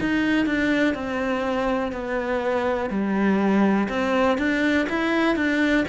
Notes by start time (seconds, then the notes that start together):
0.00 D#4
0.46 D4
0.94 C4
1.92 B3
2.90 G3
3.89 C4
4.38 D4
4.89 E4
5.36 D4